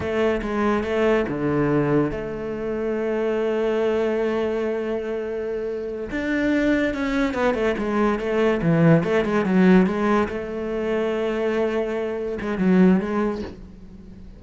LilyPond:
\new Staff \with { instrumentName = "cello" } { \time 4/4 \tempo 4 = 143 a4 gis4 a4 d4~ | d4 a2.~ | a1~ | a2~ a8 d'4.~ |
d'8 cis'4 b8 a8 gis4 a8~ | a8 e4 a8 gis8 fis4 gis8~ | gis8 a2.~ a8~ | a4. gis8 fis4 gis4 | }